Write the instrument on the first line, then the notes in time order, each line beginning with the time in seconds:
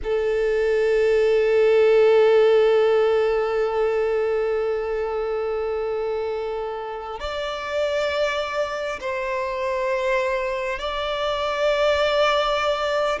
violin
0.03 A4
7.19 D5
9.00 C5
10.79 D5